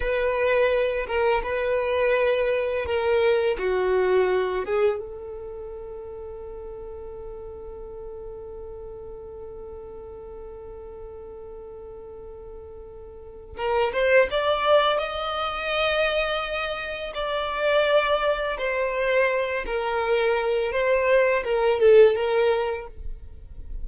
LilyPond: \new Staff \with { instrumentName = "violin" } { \time 4/4 \tempo 4 = 84 b'4. ais'8 b'2 | ais'4 fis'4. gis'8 a'4~ | a'1~ | a'1~ |
a'2. ais'8 c''8 | d''4 dis''2. | d''2 c''4. ais'8~ | ais'4 c''4 ais'8 a'8 ais'4 | }